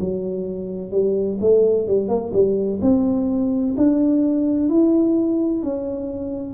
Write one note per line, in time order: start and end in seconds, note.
0.00 0.92 F#3
0.92 1.38 G3
1.40 1.87 A3
1.87 2.09 G3
2.09 2.32 A#3
2.34 2.80 G3
2.82 3.75 C4
3.77 4.70 D4
4.70 5.63 E4
5.63 6.54 C#4